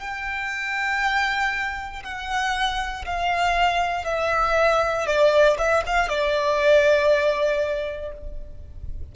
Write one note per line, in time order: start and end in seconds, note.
0.00 2.03 G5
2.04 3.06 F#5
3.06 4.05 F5
4.05 5.07 E5
5.07 5.58 D5
5.58 5.84 E5
5.87 6.09 F5
6.09 8.12 D5